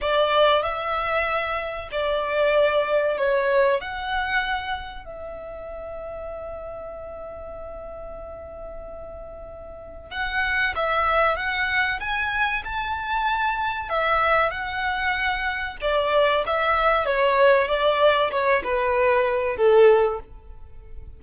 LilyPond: \new Staff \with { instrumentName = "violin" } { \time 4/4 \tempo 4 = 95 d''4 e''2 d''4~ | d''4 cis''4 fis''2 | e''1~ | e''1 |
fis''4 e''4 fis''4 gis''4 | a''2 e''4 fis''4~ | fis''4 d''4 e''4 cis''4 | d''4 cis''8 b'4. a'4 | }